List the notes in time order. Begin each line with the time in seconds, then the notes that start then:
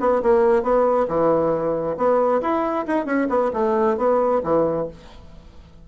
0.00 B3
0.22 A#3
0.63 B3
1.08 E3
1.97 B3
2.41 E4
2.87 D#4
3.06 C#4
3.29 B3
3.53 A3
3.97 B3
4.43 E3